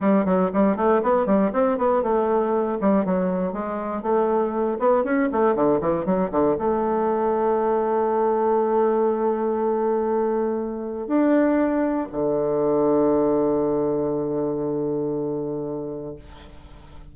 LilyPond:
\new Staff \with { instrumentName = "bassoon" } { \time 4/4 \tempo 4 = 119 g8 fis8 g8 a8 b8 g8 c'8 b8 | a4. g8 fis4 gis4 | a4. b8 cis'8 a8 d8 e8 | fis8 d8 a2.~ |
a1~ | a2 d'2 | d1~ | d1 | }